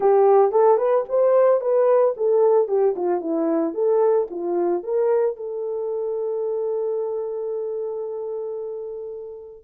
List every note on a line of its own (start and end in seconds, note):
0.00 0.51 G4
0.51 0.77 A4
0.77 1.04 B4
1.08 1.60 C5
1.60 2.14 B4
2.16 2.68 A4
2.68 2.94 G4
2.96 3.20 F4
3.20 3.74 E4
3.74 4.27 A4
4.30 4.83 F4
4.83 5.36 A#4
5.36 9.64 A4